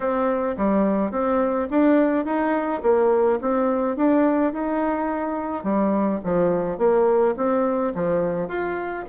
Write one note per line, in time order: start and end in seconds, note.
0.00 0.55 C4
0.57 1.11 G3
1.11 1.67 C4
1.70 2.25 D4
2.25 2.81 D#4
2.82 3.39 A#3
3.41 3.96 C4
3.96 4.53 D4
4.53 5.63 D#4
5.63 6.20 G3
6.24 6.78 F3
6.78 7.34 A#3
7.36 7.93 C4
7.94 8.48 F3
8.48 9.04 F4